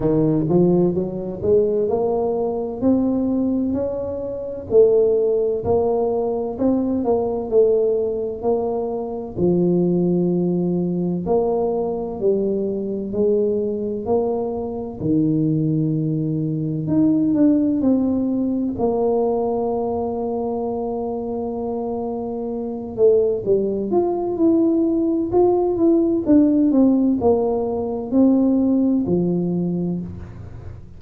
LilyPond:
\new Staff \with { instrumentName = "tuba" } { \time 4/4 \tempo 4 = 64 dis8 f8 fis8 gis8 ais4 c'4 | cis'4 a4 ais4 c'8 ais8 | a4 ais4 f2 | ais4 g4 gis4 ais4 |
dis2 dis'8 d'8 c'4 | ais1~ | ais8 a8 g8 f'8 e'4 f'8 e'8 | d'8 c'8 ais4 c'4 f4 | }